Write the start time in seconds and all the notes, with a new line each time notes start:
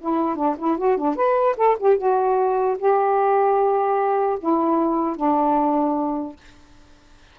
0.00 E4
0.35 D4
0.58 E4
0.78 F#4
0.97 D4
1.15 B4
1.57 A4
1.79 G4
1.97 F#4
2.78 G4
4.39 E4
5.16 D4